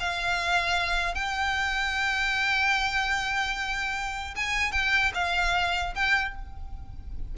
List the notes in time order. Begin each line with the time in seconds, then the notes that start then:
0.00 F5
1.15 G5
4.36 G#5
4.72 G5
5.15 F5
5.95 G5